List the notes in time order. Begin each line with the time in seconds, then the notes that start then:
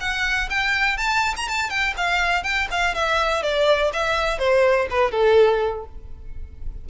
0.00 F#5
0.50 G5
0.97 A5
1.37 A#5
1.48 A5
1.69 G5
1.97 F5
2.43 G5
2.71 F5
2.94 E5
3.43 D5
3.93 E5
4.38 C5
4.90 B4
5.11 A4